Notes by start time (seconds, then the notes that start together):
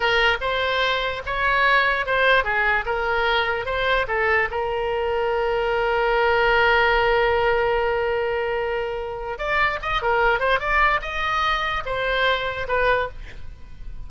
0.00 A#4
0.41 C5
1.25 C#5
2.06 C5
2.43 G#4
2.85 A#4
3.65 C5
4.07 A4
4.50 A#4
9.38 D5
9.82 D#5
10.02 A#4
10.39 C5
10.59 D5
11.01 D#5
11.85 C5
12.67 B4